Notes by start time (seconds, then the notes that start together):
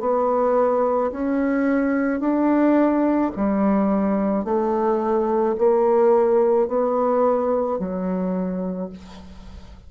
0.00 B3
1.12 C#4
2.20 D4
3.36 G3
4.44 A3
5.58 A#3
6.68 B3
7.79 F#3